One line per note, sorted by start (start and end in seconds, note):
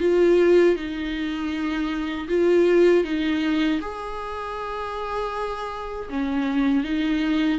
0.00 0.76 F4
0.76 2.28 D#4
2.29 3.04 F4
3.04 3.80 D#4
3.81 6.09 G#4
6.10 6.84 C#4
6.84 7.59 D#4